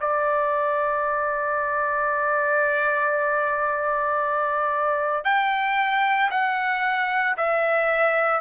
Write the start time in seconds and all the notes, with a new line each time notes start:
0.00 D5
5.24 G5
6.31 F#5
7.37 E5